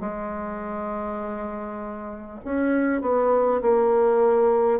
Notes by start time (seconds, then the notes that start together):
0.00 G#3
2.44 C#4
3.01 B3
3.61 A#3